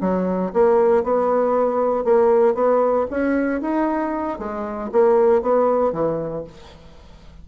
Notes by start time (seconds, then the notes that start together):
0.00 F#3
0.53 A#3
1.04 B3
2.04 A#3
2.54 B3
3.10 C#4
3.61 D#4
4.38 G#3
4.92 A#3
5.42 B3
5.92 E3